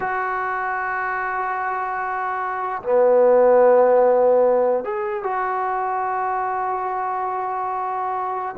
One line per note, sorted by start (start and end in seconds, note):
0.00 2.82 F#4
2.82 4.84 B3
4.84 5.23 G#4
5.23 8.55 F#4